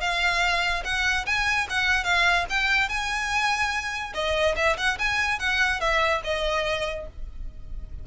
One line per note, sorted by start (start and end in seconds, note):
0.00 0.83 F5
0.84 1.25 F#5
1.26 1.67 G#5
1.69 2.04 F#5
2.04 2.45 F5
2.49 2.89 G5
2.89 4.13 G#5
4.14 4.55 D#5
4.56 4.76 E5
4.77 4.97 F#5
4.98 5.39 G#5
5.39 5.80 F#5
5.80 6.21 E5
6.24 7.06 D#5